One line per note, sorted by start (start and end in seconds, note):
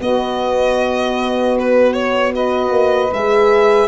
0.00 2.32 B3
0.00 2.70 B3
0.00 2.34 F#4
0.00 1.58 D#5
1.60 1.94 B4
1.94 2.33 C#5
2.32 3.10 F#4
2.32 3.89 B4
2.32 3.13 D#5
2.70 3.09 A#3
3.12 3.89 G#3
3.12 3.89 G#4
3.12 3.89 E5